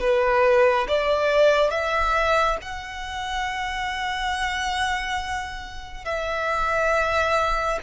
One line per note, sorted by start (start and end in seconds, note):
0.00 0.87 B4
0.88 1.70 D5
1.70 2.57 E5
2.62 6.05 F#5
6.05 7.79 E5